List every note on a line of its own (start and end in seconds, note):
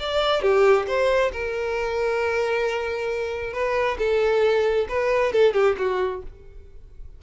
0.00 0.42 D5
0.42 0.87 G4
0.88 1.32 C5
1.33 3.54 A#4
3.54 3.98 B4
3.99 4.88 A4
4.89 5.33 B4
5.33 5.54 A4
5.54 5.76 G4
5.79 6.23 F#4